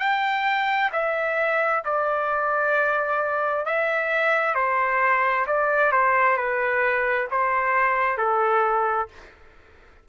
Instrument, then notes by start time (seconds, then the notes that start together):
trumpet
0.00 G5
0.93 E5
1.85 D5
3.66 E5
4.55 C5
5.47 D5
5.93 C5
6.38 B4
7.31 C5
8.18 A4